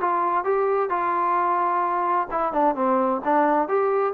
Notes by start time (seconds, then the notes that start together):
0.00 F4
0.44 G4
0.89 F4
2.31 E4
2.53 D4
2.75 C4
3.24 D4
3.68 G4